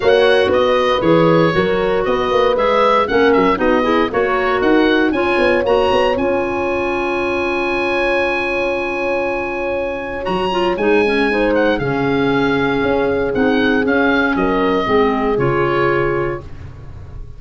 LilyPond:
<<
  \new Staff \with { instrumentName = "oboe" } { \time 4/4 \tempo 4 = 117 fis''4 dis''4 cis''2 | dis''4 e''4 fis''8 e''8 dis''4 | cis''4 fis''4 gis''4 ais''4 | gis''1~ |
gis''1 | ais''4 gis''4. fis''8 f''4~ | f''2 fis''4 f''4 | dis''2 cis''2 | }
  \new Staff \with { instrumentName = "horn" } { \time 4/4 cis''4 b'2 ais'4 | b'2 ais'4 fis'8 gis'8 | ais'2 cis''2~ | cis''1~ |
cis''1~ | cis''2 c''4 gis'4~ | gis'1 | ais'4 gis'2. | }
  \new Staff \with { instrumentName = "clarinet" } { \time 4/4 fis'2 gis'4 fis'4~ | fis'4 gis'4 cis'4 dis'8 e'8 | fis'2 f'4 fis'4 | f'1~ |
f'1 | fis'8 f'8 dis'8 cis'8 dis'4 cis'4~ | cis'2 dis'4 cis'4~ | cis'4 c'4 f'2 | }
  \new Staff \with { instrumentName = "tuba" } { \time 4/4 ais4 b4 e4 fis4 | b8 ais8 gis4 ais8 fis8 b4 | ais4 dis'4 cis'8 b8 ais8 b8 | cis'1~ |
cis'1 | fis4 gis2 cis4~ | cis4 cis'4 c'4 cis'4 | fis4 gis4 cis2 | }
>>